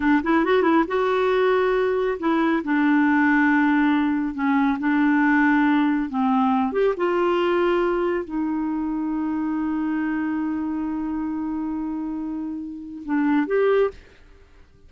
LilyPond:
\new Staff \with { instrumentName = "clarinet" } { \time 4/4 \tempo 4 = 138 d'8 e'8 fis'8 e'8 fis'2~ | fis'4 e'4 d'2~ | d'2 cis'4 d'4~ | d'2 c'4. g'8 |
f'2. dis'4~ | dis'1~ | dis'1~ | dis'2 d'4 g'4 | }